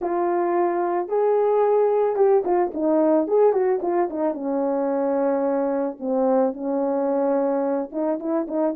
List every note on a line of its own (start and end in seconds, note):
0.01 1.08 F4
1.08 2.16 G#4
2.16 2.43 G4
2.44 2.71 F4
2.74 3.27 D#4
3.27 3.53 G#4
3.53 3.80 F#4
3.82 4.09 F4
4.10 4.34 D#4
4.34 5.97 C#4
5.99 6.53 C4
6.53 7.89 C#4
7.92 8.19 D#4
8.19 8.46 E4
8.47 8.74 D#4